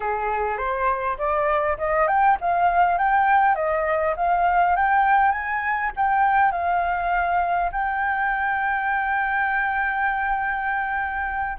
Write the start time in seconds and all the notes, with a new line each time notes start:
0.00 G#4
0.57 C5
1.17 D5
1.78 D#5
2.07 G5
2.40 F5
2.98 G5
3.55 D#5
4.16 F5
4.76 G5
5.31 G#5
5.96 G5
6.51 F5
7.71 G5